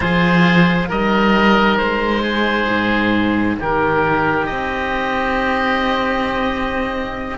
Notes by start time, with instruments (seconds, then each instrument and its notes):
0.00 cello F3 F4, oboe G#4 C5
0.87 cello G3 D#4, oboe A#4 D#5
1.77 cello G#3, oboe C5
2.22 oboe G#4
2.68 cello G#2
3.59 cello D#3, oboe G4 A#4
4.46 cello C4, oboe D#5